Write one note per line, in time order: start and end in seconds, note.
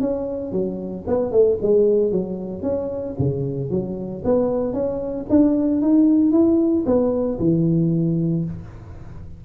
0.00 0.52 C#4
0.52 1.05 F#3
1.07 1.31 B3
1.31 1.58 A3
1.62 2.11 G#3
2.11 2.62 F#3
2.62 3.15 C#4
3.19 3.70 C#3
3.70 4.23 F#3
4.24 4.73 B3
4.73 5.26 C#4
5.29 5.81 D4
5.81 6.32 D#4
6.32 6.84 E4
6.86 7.39 B3
7.39 8.44 E3